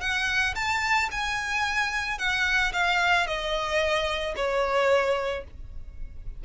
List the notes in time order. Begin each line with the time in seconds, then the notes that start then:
0.00 F#5
0.55 A5
1.11 G#5
2.18 F#5
2.73 F5
3.27 D#5
4.36 C#5